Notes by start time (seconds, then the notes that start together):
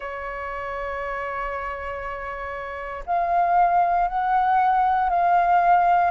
0.00 C#5
3.06 F5
4.08 F#5
5.09 F5